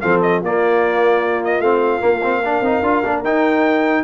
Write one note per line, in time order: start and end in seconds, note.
0.00 0.42 F3
0.00 0.42 C4
0.00 0.41 A4
0.00 0.20 F5
0.21 0.42 D#5
0.41 1.59 A#3
0.41 1.62 A#3
0.41 2.42 F4
0.41 1.44 D5
1.44 1.61 D#5
1.59 1.99 A3
1.59 2.00 C4
1.59 3.22 F5
2.00 2.20 A#3
2.00 2.60 A#3
2.22 2.42 C4
2.43 2.64 D4
2.43 4.04 A#4
2.60 2.80 C4
2.60 2.83 D#4
2.82 3.02 D4
2.82 3.03 F4
3.04 3.23 A#3
3.04 3.24 D4
3.23 4.03 D#4
3.23 4.04 D#4
3.23 4.04 G5